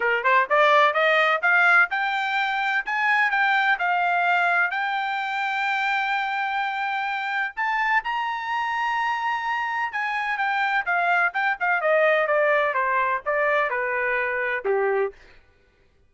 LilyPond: \new Staff \with { instrumentName = "trumpet" } { \time 4/4 \tempo 4 = 127 ais'8 c''8 d''4 dis''4 f''4 | g''2 gis''4 g''4 | f''2 g''2~ | g''1 |
a''4 ais''2.~ | ais''4 gis''4 g''4 f''4 | g''8 f''8 dis''4 d''4 c''4 | d''4 b'2 g'4 | }